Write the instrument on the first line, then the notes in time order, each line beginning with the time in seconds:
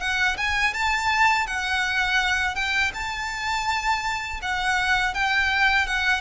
violin
0.00 F#5
0.37 G#5
0.74 A5
1.47 F#5
2.55 G5
2.94 A5
4.42 F#5
5.14 G5
5.87 F#5